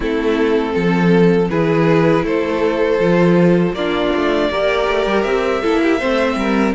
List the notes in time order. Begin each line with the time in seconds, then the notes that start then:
0.00 A3 C4 E4 A4
0.73 F3 A4
1.50 E3 E4 G#4 B4
2.24 A3 A4 C5
2.99 F3 F4
3.72 A#3 D4 F4 D5
4.15 A3
4.49 A#3 G4 A#4
4.87 A3
5.06 G3
5.22 C4 E5
5.62 A#3 E4 A4
5.82 G4
5.98 A3 C4 C5
6.35 G3 A#4